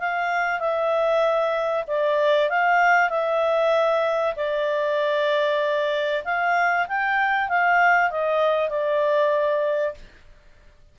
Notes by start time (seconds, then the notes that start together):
0.00 F5
0.60 E5
1.88 D5
2.50 F5
3.10 E5
4.37 D5
6.25 F5
6.89 G5
7.49 F5
8.11 D#5
8.70 D5